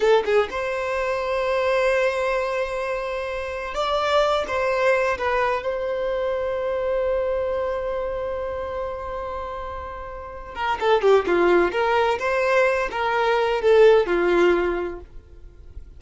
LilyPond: \new Staff \with { instrumentName = "violin" } { \time 4/4 \tempo 4 = 128 a'8 gis'8 c''2.~ | c''1 | d''4. c''4. b'4 | c''1~ |
c''1~ | c''2~ c''8 ais'8 a'8 g'8 | f'4 ais'4 c''4. ais'8~ | ais'4 a'4 f'2 | }